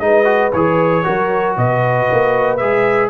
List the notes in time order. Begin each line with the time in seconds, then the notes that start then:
0.00 G#3 D#4 B4 D#5
0.25 F#4
0.53 E3 G#4 C#5
1.04 F#3 F#4 A#4
1.57 B2 B4 D#5
2.12 A#3
2.57 G#3 G#4 E5